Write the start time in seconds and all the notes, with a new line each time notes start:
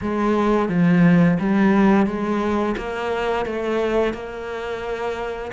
0.01 G#3
0.69 F3
1.39 G3
2.06 G#3
2.77 A#3
3.45 A3
4.13 A#3